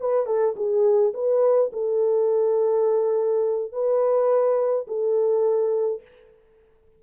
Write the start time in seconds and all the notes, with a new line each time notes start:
0.00 B4
0.26 A4
0.56 G#4
1.14 B4
1.72 A4
3.72 B4
4.87 A4